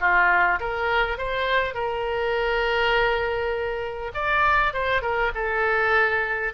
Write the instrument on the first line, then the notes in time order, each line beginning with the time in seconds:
oboe
0.00 F4
0.60 A#4
1.18 C5
1.74 A#4
4.14 D5
4.74 C5
5.02 A#4
5.34 A4